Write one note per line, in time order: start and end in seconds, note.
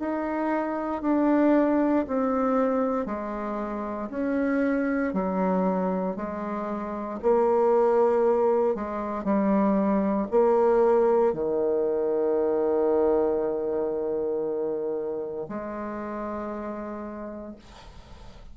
0.00 1.03 D#4
1.03 2.06 D4
2.08 3.07 C4
3.07 4.10 G#3
4.11 5.14 C#4
5.14 6.17 F#3
6.17 7.20 G#3
7.23 8.76 A#3
8.76 9.24 G#3
9.24 10.28 G3
10.32 11.34 A#3
11.34 15.47 D#3
15.49 17.56 G#3